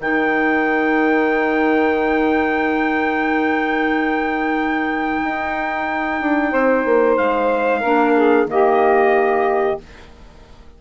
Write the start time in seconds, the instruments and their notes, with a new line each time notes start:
0.00 bassoon D#3, clarinet D#4, saxophone A#4, trumpet G5
5.24 bassoon D#4
6.21 bassoon D4
6.52 bassoon C4, saxophone C5
6.85 bassoon A#3
7.17 bassoon G#3, trumpet F5
7.80 bassoon A#3, clarinet D4, saxophone A#4
8.17 saxophone G#4
8.46 bassoon D#3, clarinet A#3, saxophone G4, trumpet D#5